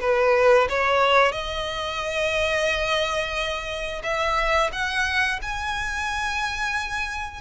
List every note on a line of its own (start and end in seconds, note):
0.00 0.67 B4
0.69 1.32 C#5
1.32 4.01 D#5
4.03 4.70 E5
4.72 5.39 F#5
5.42 7.41 G#5